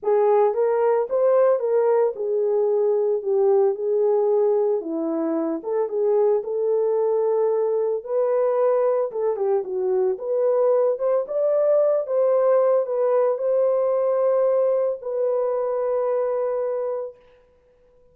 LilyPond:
\new Staff \with { instrumentName = "horn" } { \time 4/4 \tempo 4 = 112 gis'4 ais'4 c''4 ais'4 | gis'2 g'4 gis'4~ | gis'4 e'4. a'8 gis'4 | a'2. b'4~ |
b'4 a'8 g'8 fis'4 b'4~ | b'8 c''8 d''4. c''4. | b'4 c''2. | b'1 | }